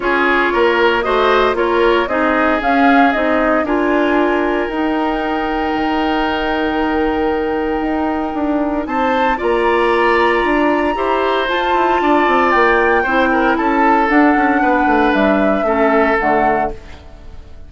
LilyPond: <<
  \new Staff \with { instrumentName = "flute" } { \time 4/4 \tempo 4 = 115 cis''2 dis''4 cis''4 | dis''4 f''4 dis''4 gis''4~ | gis''4 g''2.~ | g''1~ |
g''4 a''4 ais''2~ | ais''2 a''2 | g''2 a''4 fis''4~ | fis''4 e''2 fis''4 | }
  \new Staff \with { instrumentName = "oboe" } { \time 4/4 gis'4 ais'4 c''4 ais'4 | gis'2. ais'4~ | ais'1~ | ais'1~ |
ais'4 c''4 d''2~ | d''4 c''2 d''4~ | d''4 c''8 ais'8 a'2 | b'2 a'2 | }
  \new Staff \with { instrumentName = "clarinet" } { \time 4/4 f'2 fis'4 f'4 | dis'4 cis'4 dis'4 f'4~ | f'4 dis'2.~ | dis'1~ |
dis'2 f'2~ | f'4 g'4 f'2~ | f'4 e'2 d'4~ | d'2 cis'4 a4 | }
  \new Staff \with { instrumentName = "bassoon" } { \time 4/4 cis'4 ais4 a4 ais4 | c'4 cis'4 c'4 d'4~ | d'4 dis'2 dis4~ | dis2. dis'4 |
d'4 c'4 ais2 | d'4 e'4 f'8 e'8 d'8 c'8 | ais4 c'4 cis'4 d'8 cis'8 | b8 a8 g4 a4 d4 | }
>>